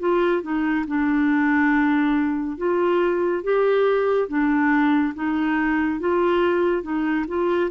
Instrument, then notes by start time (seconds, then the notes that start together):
clarinet
0.00 F4
0.43 D#4
0.87 D4
2.58 F4
3.44 G4
4.29 D4
5.15 D#4
6.00 F4
6.83 D#4
7.28 F4